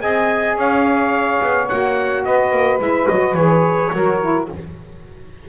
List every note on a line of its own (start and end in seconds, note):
0.00 0.57 C4
0.00 1.67 G#4
0.00 0.57 D#5
0.00 0.57 G#5
0.57 1.40 C#4
0.57 2.23 C#5
0.57 1.69 F5
1.42 1.69 B3
1.69 2.26 A#3
1.69 2.80 F#4
1.69 2.24 F#5
2.25 2.51 B3
2.25 3.92 B4
2.25 2.80 D#5
2.51 2.79 A#3
2.79 3.07 G#3
2.79 3.08 E4
2.79 3.08 E5
3.08 3.34 F#3
3.08 3.37 F#4
3.08 3.35 D#5
3.34 3.90 E3
3.34 3.93 G#4
3.34 4.46 C#5
3.93 4.49 F#3
3.93 4.21 F#4
3.93 4.49 A#4
4.21 4.49 E4